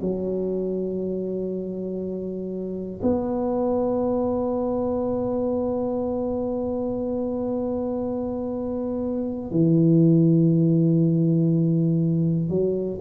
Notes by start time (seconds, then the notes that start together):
0.00 F#3
3.02 B3
9.50 E3
12.49 F#3